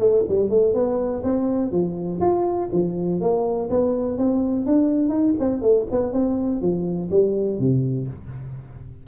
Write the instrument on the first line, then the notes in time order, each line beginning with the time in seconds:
tuba
0.00 A3
0.29 G3
0.50 A3
0.74 B3
1.24 C4
1.72 F3
2.21 F4
2.73 F3
3.21 A#3
3.70 B3
4.18 C4
4.66 D4
5.10 D#4
5.40 C4
5.62 A3
5.91 B3
6.13 C4
6.62 F3
7.11 G3
7.59 C3